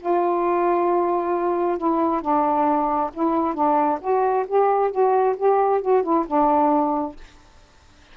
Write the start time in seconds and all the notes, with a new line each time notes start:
0.00 F4
1.78 E4
2.21 D4
3.13 E4
3.54 D4
4.01 F#4
4.47 G4
4.91 F#4
5.37 G4
5.81 F#4
6.03 E4
6.27 D4